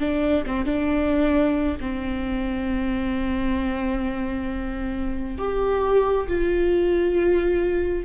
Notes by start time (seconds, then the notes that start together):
0.00 D4
0.46 C4
0.66 D4
1.81 C4
5.38 G4
6.28 F4